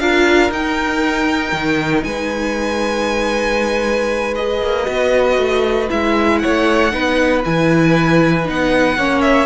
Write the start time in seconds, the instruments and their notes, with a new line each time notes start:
0.00 cello D4, viola F4, violin A#4 F5
0.51 cello D#4, viola D#4, violin G5
1.53 cello D#3
2.04 cello G#3, violin B4 G#5
4.36 viola G#4, violin D#5
4.62 cello A#3
4.86 cello B3, viola F#4
5.38 cello A3
5.89 cello G#3, viola E4, violin E5
6.39 cello A3, violin C#5 F#5
6.92 cello B3, viola D#4, violin B4
7.45 cello E3, viola E4, violin G#5
8.45 cello B3, viola D#4, violin F#5
8.97 cello A#3, viola C#4, violin C#5
9.22 violin E5